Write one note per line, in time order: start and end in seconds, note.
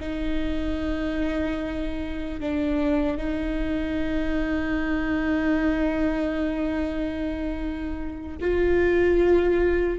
0.00 2.40 D#4
2.40 3.17 D4
3.17 8.37 D#4
8.41 9.99 F4